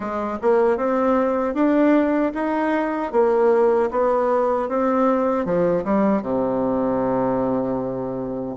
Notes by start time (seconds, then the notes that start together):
0.00 G#3
0.41 A#3
0.77 C4
1.54 D4
2.34 D#4
3.12 A#3
3.91 B3
4.69 C4
5.45 F3
5.84 G3
6.22 C3